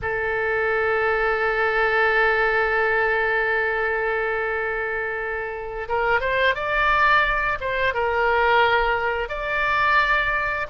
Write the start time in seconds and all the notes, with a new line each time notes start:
0.02 A4
5.88 A#4
6.20 C5
6.55 D5
7.60 C5
7.94 A#4
9.29 D5